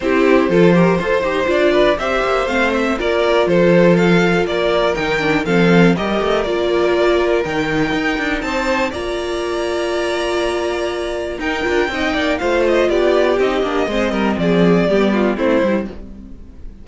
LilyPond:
<<
  \new Staff \with { instrumentName = "violin" } { \time 4/4 \tempo 4 = 121 c''2. d''4 | e''4 f''8 e''8 d''4 c''4 | f''4 d''4 g''4 f''4 | dis''4 d''2 g''4~ |
g''4 a''4 ais''2~ | ais''2. g''4~ | g''4 f''8 dis''8 d''4 dis''4~ | dis''4 d''2 c''4 | }
  \new Staff \with { instrumentName = "violin" } { \time 4/4 g'4 a'8 ais'8 c''4. b'8 | c''2 ais'4 a'4~ | a'4 ais'2 a'4 | ais'1~ |
ais'4 c''4 d''2~ | d''2. ais'4 | dis''8 d''8 c''4 g'2 | c''8 ais'8 gis'4 g'8 f'8 e'4 | }
  \new Staff \with { instrumentName = "viola" } { \time 4/4 e'4 f'8 g'8 a'8 g'8 f'4 | g'4 c'4 f'2~ | f'2 dis'8 d'8 c'4 | g'4 f'2 dis'4~ |
dis'2 f'2~ | f'2. dis'8 f'8 | dis'4 f'2 dis'8 d'8 | c'2 b4 c'8 e'8 | }
  \new Staff \with { instrumentName = "cello" } { \time 4/4 c'4 f4 f'8 dis'8 d'4 | c'8 ais8 a4 ais4 f4~ | f4 ais4 dis4 f4 | g8 a8 ais2 dis4 |
dis'8 d'8 c'4 ais2~ | ais2. dis'8 d'8 | c'8 ais8 a4 b4 c'8 ais8 | gis8 g8 f4 g4 a8 g8 | }
>>